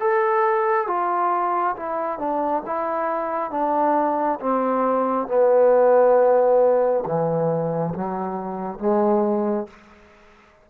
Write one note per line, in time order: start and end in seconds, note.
0.00 0.87 A4
0.87 1.76 F4
1.76 2.19 E4
2.19 2.63 D4
2.66 3.51 E4
3.51 4.39 D4
4.40 5.28 C4
5.28 7.04 B3
7.05 7.94 E3
7.95 8.79 F#3
8.79 9.67 G#3